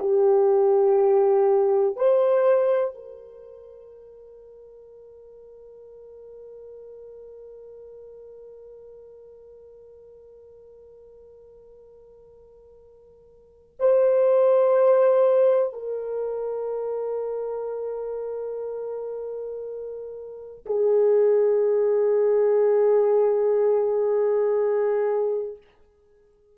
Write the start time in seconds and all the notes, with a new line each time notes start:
0.00 G4
1.97 C5
2.95 A#4
13.80 C5
15.74 A#4
20.66 G#4